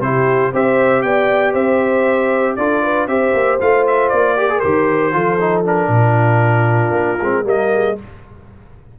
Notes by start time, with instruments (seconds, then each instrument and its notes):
0.00 tuba C3, trombone E4, horn G4, trumpet C5
0.52 tuba C4, trombone G4, horn C5, trumpet E5
1.02 tuba B3, horn D5, trumpet G5
1.52 tuba C4, horn C5, trumpet E5
2.55 tuba D4, trombone F4, horn A4, trumpet D5
2.82 horn B4
3.07 tuba C4, trombone G4, horn C5, trumpet E5
3.33 tuba A#3
3.60 tuba A3, trombone F4, trumpet F5
3.86 trumpet E5
4.08 tuba A#3, trumpet D5
4.36 trombone G4, horn A#4
4.49 trombone G#4
4.59 tuba D#3, trombone G4, trumpet C5
5.12 tuba F3, trombone F4, horn A4
5.40 trombone D#4
5.64 trombone D4, trumpet A#4
5.87 tuba A#2, horn F4
6.91 tuba A#3
7.21 tuba G#3, trombone C4
7.44 tuba G3, trombone A#3, horn A#4, trumpet D#5
7.73 horn G#4